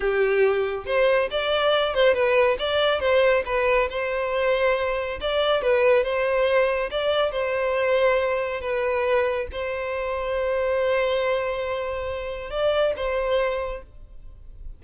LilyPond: \new Staff \with { instrumentName = "violin" } { \time 4/4 \tempo 4 = 139 g'2 c''4 d''4~ | d''8 c''8 b'4 d''4 c''4 | b'4 c''2. | d''4 b'4 c''2 |
d''4 c''2. | b'2 c''2~ | c''1~ | c''4 d''4 c''2 | }